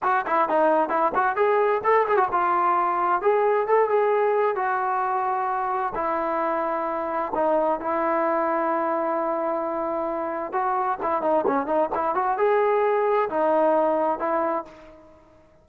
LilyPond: \new Staff \with { instrumentName = "trombone" } { \time 4/4 \tempo 4 = 131 fis'8 e'8 dis'4 e'8 fis'8 gis'4 | a'8 gis'16 fis'16 f'2 gis'4 | a'8 gis'4. fis'2~ | fis'4 e'2. |
dis'4 e'2.~ | e'2. fis'4 | e'8 dis'8 cis'8 dis'8 e'8 fis'8 gis'4~ | gis'4 dis'2 e'4 | }